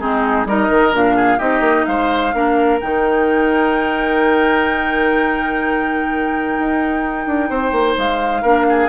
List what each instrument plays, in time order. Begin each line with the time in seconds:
0.00 bassoon G#3, clarinet C4, oboe D#4, flute G#4
0.46 bassoon G3, clarinet D#4, oboe A#4, flute D#5
0.70 bassoon D#3
0.92 bassoon A#2, clarinet D4, flute F5
1.16 oboe G#4
1.39 bassoon C4, clarinet D#4, oboe G4, flute D#5
1.61 bassoon A#3
1.86 bassoon G#3, oboe C5, flute F5
2.34 bassoon A#3, clarinet D4, oboe A#4
2.81 bassoon D#3, clarinet D#4, flute G5
6.59 bassoon D#4
7.27 bassoon D4
7.50 bassoon C4, oboe C5
7.72 bassoon A#3
7.98 bassoon G#3, flute F5
8.42 bassoon A#3, clarinet D4, oboe A#4
8.69 oboe G#4